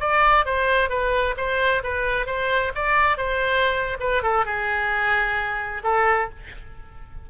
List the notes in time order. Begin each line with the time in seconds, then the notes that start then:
0.00 D5
0.46 C5
0.90 B4
1.37 C5
1.84 B4
2.27 C5
2.75 D5
3.17 C5
4.00 B4
4.23 A4
4.46 G#4
5.84 A4